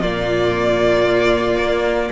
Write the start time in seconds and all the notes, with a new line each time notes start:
0.00 A#2 A#3 F4 D5
1.56 A#3